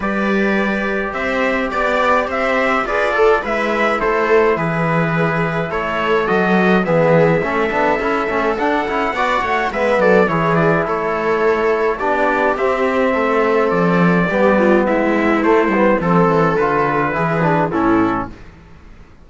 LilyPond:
<<
  \new Staff \with { instrumentName = "trumpet" } { \time 4/4 \tempo 4 = 105 d''2 e''4 d''4 | e''4 d''4 e''4 c''4 | b'2 cis''4 dis''4 | e''2. fis''4~ |
fis''4 e''8 d''8 cis''8 d''8 cis''4~ | cis''4 d''4 e''2 | d''2 e''4 c''4 | a'4 b'2 a'4 | }
  \new Staff \with { instrumentName = "viola" } { \time 4/4 b'2 c''4 d''4 | c''4 b'8 a'8 b'4 a'4 | gis'2 a'2 | gis'4 a'2. |
d''8 cis''8 b'8 a'8 gis'4 a'4~ | a'4 g'2 a'4~ | a'4 g'8 f'8 e'2 | a'2 gis'4 e'4 | }
  \new Staff \with { instrumentName = "trombone" } { \time 4/4 g'1~ | g'4 gis'8 a'8 e'2~ | e'2. fis'4 | b4 cis'8 d'8 e'8 cis'8 d'8 e'8 |
fis'4 b4 e'2~ | e'4 d'4 c'2~ | c'4 b2 a8 b8 | c'4 f'4 e'8 d'8 cis'4 | }
  \new Staff \with { instrumentName = "cello" } { \time 4/4 g2 c'4 b4 | c'4 f'4 gis4 a4 | e2 a4 fis4 | e4 a8 b8 cis'8 a8 d'8 cis'8 |
b8 a8 gis8 fis8 e4 a4~ | a4 b4 c'4 a4 | f4 g4 gis4 a8 g8 | f8 e8 d4 e4 a,4 | }
>>